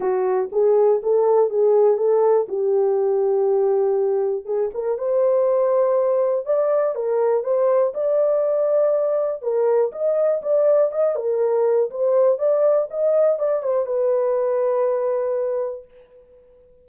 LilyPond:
\new Staff \with { instrumentName = "horn" } { \time 4/4 \tempo 4 = 121 fis'4 gis'4 a'4 gis'4 | a'4 g'2.~ | g'4 gis'8 ais'8 c''2~ | c''4 d''4 ais'4 c''4 |
d''2. ais'4 | dis''4 d''4 dis''8 ais'4. | c''4 d''4 dis''4 d''8 c''8 | b'1 | }